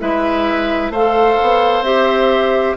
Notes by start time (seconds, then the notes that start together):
0.00 G#3 E4 B4 E5
0.90 A3 C5 F5
0.97 A4
1.42 B3
1.82 C4 G4 E5